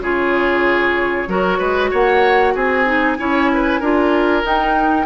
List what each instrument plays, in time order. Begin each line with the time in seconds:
0.00 bassoon C#3, clarinet F4, oboe G#4, flute C#5
1.28 bassoon F#3, clarinet F#4, oboe A#4
1.59 bassoon G#3, oboe B4
1.91 bassoon A#3, oboe C#5, flute F#5
2.55 bassoon C4, oboe G#4, flute G#5
2.86 clarinet D#4
3.19 bassoon C#4, clarinet E4, oboe C#5
3.54 oboe B4
3.80 bassoon D4, clarinet F4, oboe A#4
4.43 clarinet D#4, bassoon D#4, flute G5